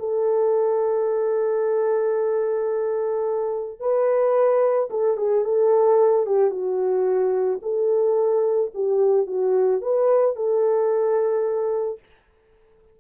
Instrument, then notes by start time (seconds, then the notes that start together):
horn
0.00 A4
3.80 B4
4.91 A4
5.17 G#4
5.45 A4
6.27 G4
6.51 F#4
7.63 A4
8.75 G4
9.27 F#4
9.82 B4
10.36 A4